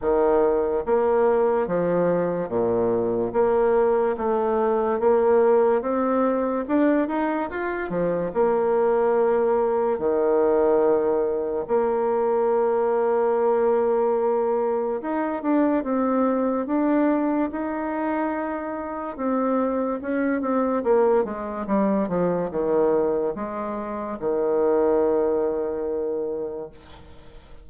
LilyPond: \new Staff \with { instrumentName = "bassoon" } { \time 4/4 \tempo 4 = 72 dis4 ais4 f4 ais,4 | ais4 a4 ais4 c'4 | d'8 dis'8 f'8 f8 ais2 | dis2 ais2~ |
ais2 dis'8 d'8 c'4 | d'4 dis'2 c'4 | cis'8 c'8 ais8 gis8 g8 f8 dis4 | gis4 dis2. | }